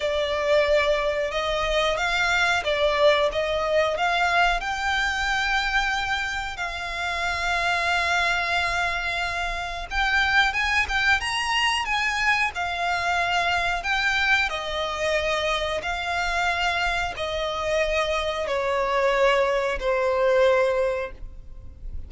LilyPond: \new Staff \with { instrumentName = "violin" } { \time 4/4 \tempo 4 = 91 d''2 dis''4 f''4 | d''4 dis''4 f''4 g''4~ | g''2 f''2~ | f''2. g''4 |
gis''8 g''8 ais''4 gis''4 f''4~ | f''4 g''4 dis''2 | f''2 dis''2 | cis''2 c''2 | }